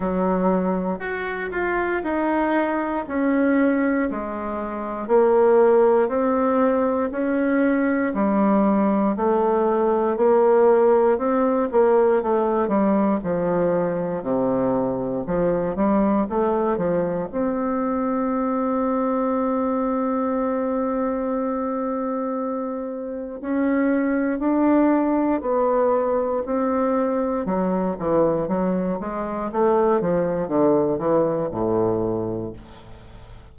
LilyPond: \new Staff \with { instrumentName = "bassoon" } { \time 4/4 \tempo 4 = 59 fis4 fis'8 f'8 dis'4 cis'4 | gis4 ais4 c'4 cis'4 | g4 a4 ais4 c'8 ais8 | a8 g8 f4 c4 f8 g8 |
a8 f8 c'2.~ | c'2. cis'4 | d'4 b4 c'4 fis8 e8 | fis8 gis8 a8 f8 d8 e8 a,4 | }